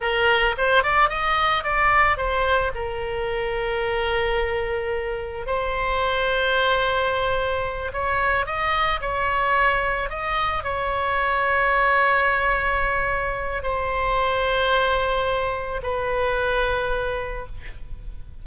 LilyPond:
\new Staff \with { instrumentName = "oboe" } { \time 4/4 \tempo 4 = 110 ais'4 c''8 d''8 dis''4 d''4 | c''4 ais'2.~ | ais'2 c''2~ | c''2~ c''8 cis''4 dis''8~ |
dis''8 cis''2 dis''4 cis''8~ | cis''1~ | cis''4 c''2.~ | c''4 b'2. | }